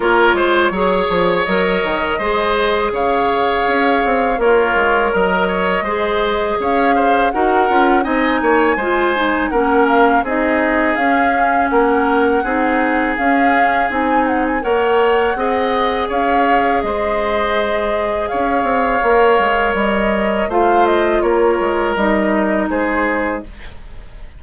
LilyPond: <<
  \new Staff \with { instrumentName = "flute" } { \time 4/4 \tempo 4 = 82 cis''2 dis''2 | f''2 cis''4 dis''4~ | dis''4 f''4 fis''4 gis''4~ | gis''4 fis''8 f''8 dis''4 f''4 |
fis''2 f''4 gis''8 fis''16 gis''16 | fis''2 f''4 dis''4~ | dis''4 f''2 dis''4 | f''8 dis''8 cis''4 dis''4 c''4 | }
  \new Staff \with { instrumentName = "oboe" } { \time 4/4 ais'8 c''8 cis''2 c''4 | cis''2 f'4 ais'8 cis''8 | c''4 cis''8 c''8 ais'4 dis''8 cis''8 | c''4 ais'4 gis'2 |
ais'4 gis'2. | cis''4 dis''4 cis''4 c''4~ | c''4 cis''2. | c''4 ais'2 gis'4 | }
  \new Staff \with { instrumentName = "clarinet" } { \time 4/4 f'4 gis'4 ais'4 gis'4~ | gis'2 ais'2 | gis'2 fis'8 f'8 dis'4 | f'8 dis'8 cis'4 dis'4 cis'4~ |
cis'4 dis'4 cis'4 dis'4 | ais'4 gis'2.~ | gis'2 ais'2 | f'2 dis'2 | }
  \new Staff \with { instrumentName = "bassoon" } { \time 4/4 ais8 gis8 fis8 f8 fis8 dis8 gis4 | cis4 cis'8 c'8 ais8 gis8 fis4 | gis4 cis'4 dis'8 cis'8 c'8 ais8 | gis4 ais4 c'4 cis'4 |
ais4 c'4 cis'4 c'4 | ais4 c'4 cis'4 gis4~ | gis4 cis'8 c'8 ais8 gis8 g4 | a4 ais8 gis8 g4 gis4 | }
>>